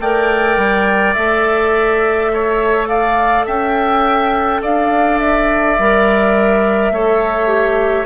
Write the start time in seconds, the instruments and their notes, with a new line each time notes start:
0.00 bassoon A3, clarinet A#4, oboe D5, flute G5
0.57 bassoon G3
1.14 bassoon A3, clarinet A4, flute E5
2.33 oboe C#5
2.88 oboe D5, flute F5
3.46 bassoon C#4, oboe E5, flute G5
4.62 bassoon D4, oboe D5, flute F5
5.19 flute E5
5.79 bassoon G3, clarinet A#4
6.91 bassoon A3, clarinet A4, oboe C#5
7.47 clarinet G4